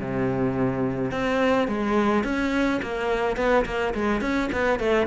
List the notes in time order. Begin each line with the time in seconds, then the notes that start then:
0.00 C3
1.12 C4
1.68 G#3
2.24 C#4
2.83 A#3
3.37 B3
3.66 A#3
3.94 G#3
4.21 C#4
4.53 B3
4.80 A3